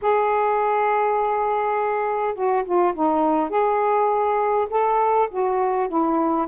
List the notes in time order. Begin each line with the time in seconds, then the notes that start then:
0.01 G#4
2.34 F#4
2.64 F4
2.94 D#4
3.49 G#4
4.70 A4
5.30 F#4
5.88 E4